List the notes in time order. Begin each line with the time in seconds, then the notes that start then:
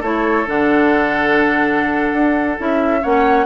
0.00 A3 E4 A4 C#5
0.46 D3 D4 F#5
2.12 D4
2.58 C#4 E4 E5
3.02 A#3 C#4 C#5 F#5